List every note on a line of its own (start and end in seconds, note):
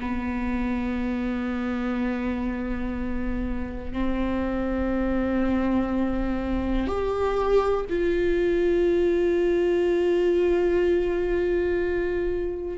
0.00 3.93 B3
3.93 6.87 C4
6.87 7.85 G4
7.89 12.78 F4